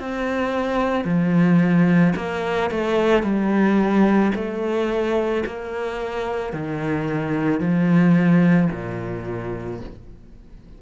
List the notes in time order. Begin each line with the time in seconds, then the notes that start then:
0.00 C4
1.05 F3
2.17 A#3
2.71 A3
3.23 G3
4.35 A3
5.46 A#3
6.54 D#3
7.61 F3
8.72 A#2